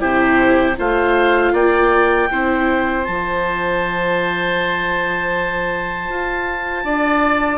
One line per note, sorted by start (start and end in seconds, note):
0.00 0.78 C3
0.00 0.76 E4
0.00 0.77 G4
0.00 0.77 C5
0.77 1.53 A3
0.77 2.29 F4
0.77 1.53 C5
0.77 1.54 F5
1.53 2.29 A#3
1.53 2.29 D5
1.53 3.05 G5
2.31 3.08 C4
2.31 3.04 E4
2.31 6.85 C5
3.04 6.10 F3
3.04 7.59 F4
3.04 7.59 A5
6.10 6.84 F4
6.84 7.59 D4
6.84 7.59 D5